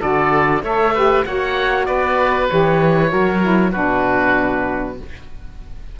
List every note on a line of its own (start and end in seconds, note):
0.00 0.63 D3
0.00 0.62 F#4
0.00 0.62 A4
0.00 0.63 D5
0.63 1.24 A3
0.63 0.95 A4
0.63 0.94 C#5
0.63 1.26 E5
0.94 1.26 G4
0.94 1.25 B4
1.26 1.88 A#3
1.26 2.50 F#4
1.26 1.87 C#5
1.26 1.85 F#5
1.85 2.50 B3
1.85 3.11 B4
1.85 2.47 D5
2.49 3.13 E3
2.49 3.09 G4
2.49 3.72 C#5
3.09 3.75 F#3
3.09 3.40 F#4
3.09 3.72 A#4
3.41 3.72 E4
3.72 4.99 B2
3.72 4.97 D4
3.72 4.95 F#4
3.72 4.96 B4